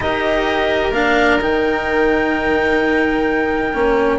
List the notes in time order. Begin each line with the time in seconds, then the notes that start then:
0.00 D#4 G4 A#4 D#5
0.90 A#3 D4 F5
1.40 D#3 D#4 G5
3.73 A#3 C#4